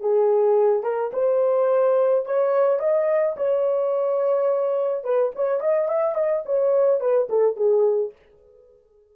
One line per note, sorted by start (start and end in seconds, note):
0.00 0.83 G#4
0.83 1.11 A#4
1.13 2.25 C5
2.25 2.79 C#5
2.79 3.35 D#5
3.36 5.04 C#5
5.04 5.32 B4
5.35 5.60 C#5
5.60 5.88 D#5
5.88 6.15 E5
6.15 6.43 D#5
6.45 7.00 C#5
7.00 7.28 B4
7.29 7.56 A4
7.56 8.12 G#4